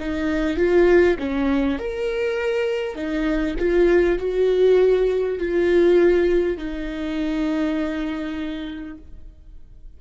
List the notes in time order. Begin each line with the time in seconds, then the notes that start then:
0.00 D#4
0.57 F4
1.19 C#4
1.79 A#4
2.96 D#4
3.59 F4
4.19 F#4
5.39 F4
6.58 D#4